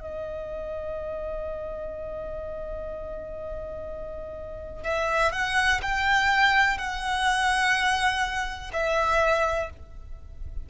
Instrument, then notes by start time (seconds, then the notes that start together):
violin
0.00 D#5
4.83 E5
5.32 F#5
5.82 G5
6.77 F#5
8.73 E5